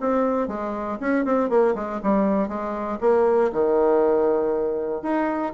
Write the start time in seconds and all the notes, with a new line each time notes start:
0.00 C4
0.48 G#3
1.00 C#4
1.25 C4
1.49 A#3
1.75 G#3
2.03 G3
2.48 G#3
3.00 A#3
3.52 D#3
5.02 D#4